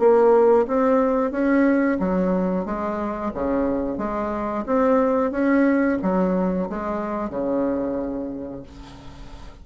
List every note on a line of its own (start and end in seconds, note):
0.00 0.67 A#3
0.68 1.32 C4
1.32 1.98 C#4
2.00 2.66 F#3
2.66 3.32 G#3
3.35 3.98 C#3
3.98 4.65 G#3
4.67 5.32 C4
5.32 5.99 C#4
6.03 6.69 F#3
6.70 7.30 G#3
7.30 8.64 C#3